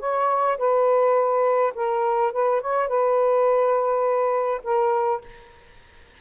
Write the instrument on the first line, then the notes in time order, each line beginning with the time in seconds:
saxophone
0.00 C#5
0.58 B4
1.75 A#4
2.32 B4
2.61 C#5
2.88 B4
4.64 A#4